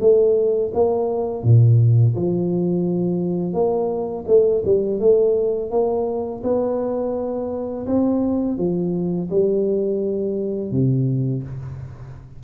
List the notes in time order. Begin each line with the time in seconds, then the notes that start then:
0.00 A3
0.73 A#3
1.43 A#2
2.15 F3
3.53 A#3
4.27 A3
4.65 G3
5.00 A3
5.70 A#3
6.43 B3
7.86 C4
8.58 F3
9.30 G3
10.71 C3